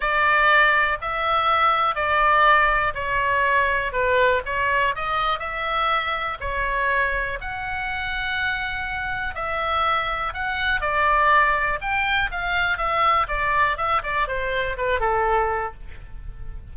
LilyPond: \new Staff \with { instrumentName = "oboe" } { \time 4/4 \tempo 4 = 122 d''2 e''2 | d''2 cis''2 | b'4 cis''4 dis''4 e''4~ | e''4 cis''2 fis''4~ |
fis''2. e''4~ | e''4 fis''4 d''2 | g''4 f''4 e''4 d''4 | e''8 d''8 c''4 b'8 a'4. | }